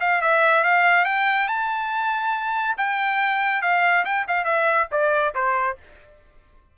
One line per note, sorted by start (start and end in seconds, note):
0.00 0.21 F5
0.21 0.63 E5
0.63 1.05 F5
1.05 1.47 G5
1.47 2.76 A5
2.77 3.61 G5
3.61 4.04 F5
4.05 4.26 G5
4.27 4.44 F5
4.44 4.87 E5
4.91 5.34 D5
5.34 5.77 C5